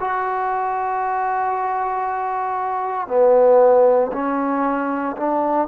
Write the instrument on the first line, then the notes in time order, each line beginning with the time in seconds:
trombone
0.00 F#4
3.08 B3
4.12 C#4
5.17 D4